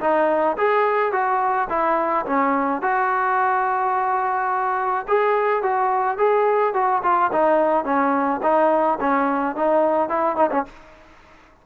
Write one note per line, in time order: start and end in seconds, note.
0.00 0.56 D#4
0.57 1.12 G#4
1.12 1.68 F#4
1.69 2.25 E4
2.26 2.82 C#4
2.82 5.06 F#4
5.07 5.62 G#4
5.62 6.17 F#4
6.17 6.73 G#4
6.74 7.02 F#4
7.02 7.30 F4
7.32 7.84 D#4
7.84 8.40 C#4
8.42 8.98 D#4
9.00 9.56 C#4
9.56 10.09 D#4
10.09 10.36 E4
10.36 10.50 D#4
10.51 10.65 C#4